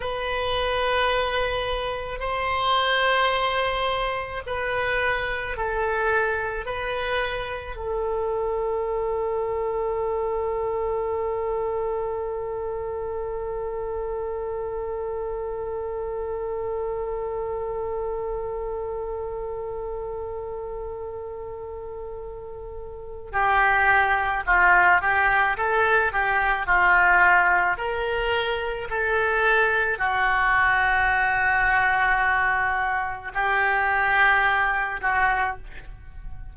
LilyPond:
\new Staff \with { instrumentName = "oboe" } { \time 4/4 \tempo 4 = 54 b'2 c''2 | b'4 a'4 b'4 a'4~ | a'1~ | a'1~ |
a'1~ | a'4 g'4 f'8 g'8 a'8 g'8 | f'4 ais'4 a'4 fis'4~ | fis'2 g'4. fis'8 | }